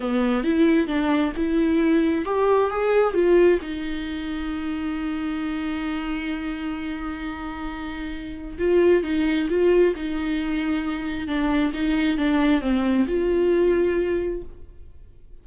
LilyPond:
\new Staff \with { instrumentName = "viola" } { \time 4/4 \tempo 4 = 133 b4 e'4 d'4 e'4~ | e'4 g'4 gis'4 f'4 | dis'1~ | dis'1~ |
dis'2. f'4 | dis'4 f'4 dis'2~ | dis'4 d'4 dis'4 d'4 | c'4 f'2. | }